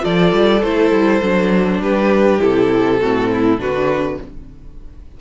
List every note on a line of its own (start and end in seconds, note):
0.00 0.33 F3
0.00 0.59 F4
0.00 1.81 A4
0.00 0.63 D5
0.33 0.62 G3
0.63 0.92 A3
0.63 1.23 E4
0.63 1.82 C5
0.92 1.21 G3
1.22 1.80 F#3
1.22 2.40 D4
1.80 2.39 G3
1.80 3.00 G4
1.80 2.41 B4
2.40 3.03 C3
2.40 2.99 E4
2.40 3.60 A4
3.01 3.59 A2
3.01 3.58 C4
3.01 3.31 F#4
3.33 3.61 E4
3.58 4.18 D3
3.58 4.17 D4
3.58 4.21 F#4
3.58 4.21 B4